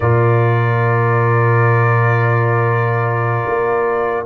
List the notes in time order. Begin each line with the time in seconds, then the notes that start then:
0.00 A#2 F4 A#4 D5
3.46 A#3